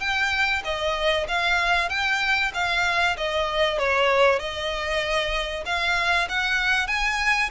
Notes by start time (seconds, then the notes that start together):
0.00 G5
0.64 D#5
1.28 F5
1.89 G5
2.54 F5
3.18 D#5
3.79 C#5
4.39 D#5
5.66 F5
6.29 F#5
6.87 G#5